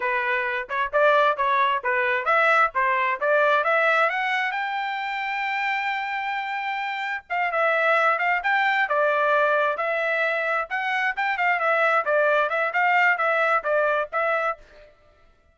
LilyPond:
\new Staff \with { instrumentName = "trumpet" } { \time 4/4 \tempo 4 = 132 b'4. cis''8 d''4 cis''4 | b'4 e''4 c''4 d''4 | e''4 fis''4 g''2~ | g''1 |
f''8 e''4. f''8 g''4 d''8~ | d''4. e''2 fis''8~ | fis''8 g''8 f''8 e''4 d''4 e''8 | f''4 e''4 d''4 e''4 | }